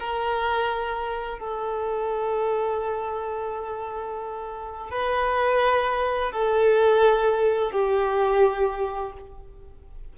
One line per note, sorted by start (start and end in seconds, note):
0.00 1.39 A#4
1.39 4.91 A4
4.91 6.32 B4
6.32 7.72 A4
7.72 9.13 G4